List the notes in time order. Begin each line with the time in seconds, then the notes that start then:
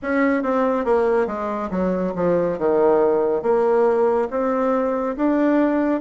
0.02 C#4
0.42 C4
0.84 A#3
1.26 G#3
1.70 F#3
2.15 F3
2.58 D#3
3.42 A#3
4.30 C4
5.16 D4